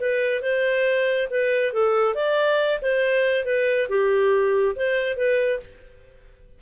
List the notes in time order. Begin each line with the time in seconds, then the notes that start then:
0.00 B4
0.42 C5
1.30 B4
1.73 A4
2.15 D5
2.82 C5
3.45 B4
3.89 G4
4.76 C5
5.17 B4